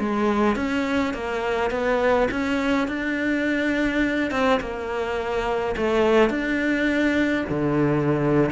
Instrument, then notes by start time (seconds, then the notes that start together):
cello
0.00 G#3
0.56 C#4
1.14 A#3
1.71 B3
2.32 C#4
2.88 D4
4.31 C4
4.61 A#3
5.77 A3
6.30 D4
7.50 D3